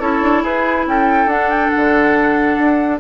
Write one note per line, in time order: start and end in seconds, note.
0.00 0.22 C#4
0.00 1.29 E4
0.00 0.43 A4
0.00 0.44 C#5
0.22 0.43 D4
0.43 0.86 E4
0.43 0.86 G#4
0.43 0.88 B4
0.86 1.26 C#4
0.86 3.00 A4
0.86 1.29 G5
1.26 1.68 D4
1.26 3.00 D4
1.26 1.50 F#5
1.50 1.70 G5
1.70 2.99 F#5
1.76 2.58 D3
2.58 3.00 D4